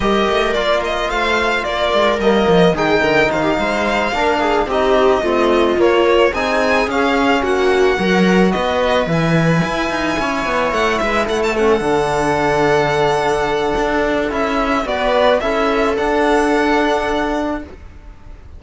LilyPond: <<
  \new Staff \with { instrumentName = "violin" } { \time 4/4 \tempo 4 = 109 dis''4 d''8 dis''8 f''4 d''4 | dis''4 g''4 f''2~ | f''8 dis''2 cis''4 gis''8~ | gis''8 f''4 fis''2 dis''8~ |
dis''8 gis''2. fis''8 | e''8 fis''16 a''16 fis''2.~ | fis''2 e''4 d''4 | e''4 fis''2. | }
  \new Staff \with { instrumentName = "viola" } { \time 4/4 ais'2 c''4 ais'4~ | ais'4 gis'8 ais'8 c''16 g'16 c''4 ais'8 | gis'8 g'4 f'2 gis'8~ | gis'4. fis'4 ais'4 b'8~ |
b'2~ b'8 cis''4. | b'8 a'2.~ a'8~ | a'2. b'4 | a'1 | }
  \new Staff \with { instrumentName = "trombone" } { \time 4/4 g'4 f'2. | ais4 dis'2~ dis'8 d'8~ | d'8 dis'4 c'4 ais4 dis'8~ | dis'8 cis'2 fis'4.~ |
fis'8 e'2.~ e'8~ | e'4 cis'8 d'2~ d'8~ | d'2 e'4 fis'4 | e'4 d'2. | }
  \new Staff \with { instrumentName = "cello" } { \time 4/4 g8 a8 ais4 a4 ais8 gis8 | g8 f8 dis8 d8 dis8 gis4 ais8~ | ais8 c'4 a4 ais4 c'8~ | c'8 cis'4 ais4 fis4 b8~ |
b8 e4 e'8 dis'8 cis'8 b8 a8 | gis8 a4 d2~ d8~ | d4 d'4 cis'4 b4 | cis'4 d'2. | }
>>